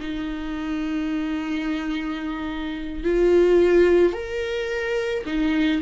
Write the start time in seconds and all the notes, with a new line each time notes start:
0.00 D#4
3.04 F4
4.13 A#4
5.26 D#4